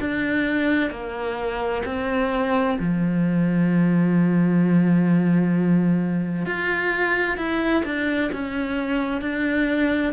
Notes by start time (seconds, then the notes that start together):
0.00 D4
0.90 A#3
1.85 C4
2.79 F3
6.45 F4
7.37 E4
7.85 D4
8.32 C#4
9.21 D4